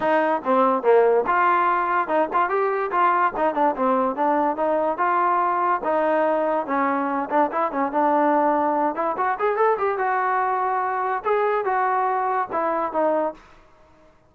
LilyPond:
\new Staff \with { instrumentName = "trombone" } { \time 4/4 \tempo 4 = 144 dis'4 c'4 ais4 f'4~ | f'4 dis'8 f'8 g'4 f'4 | dis'8 d'8 c'4 d'4 dis'4 | f'2 dis'2 |
cis'4. d'8 e'8 cis'8 d'4~ | d'4. e'8 fis'8 gis'8 a'8 g'8 | fis'2. gis'4 | fis'2 e'4 dis'4 | }